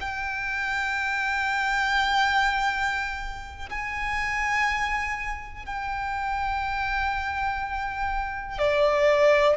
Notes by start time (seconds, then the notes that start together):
0.00 G5
3.69 G#5
5.66 G5
8.58 D5